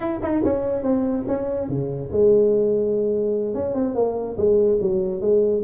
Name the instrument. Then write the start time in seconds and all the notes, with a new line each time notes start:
tuba
0.00 E4
0.22 D#4
0.44 C#4
0.82 C4
1.27 C#4
1.68 C#3
2.12 G#3
3.54 C#4
3.74 C4
3.95 A#3
4.37 G#3
4.81 F#3
5.20 G#3